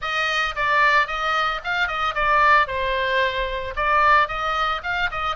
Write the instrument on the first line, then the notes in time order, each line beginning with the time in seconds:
oboe
0.01 D#5
0.55 D5
1.07 D#5
1.64 F5
1.87 D#5
2.14 D5
2.67 C5
3.75 D5
4.28 D#5
4.83 F5
5.11 D#5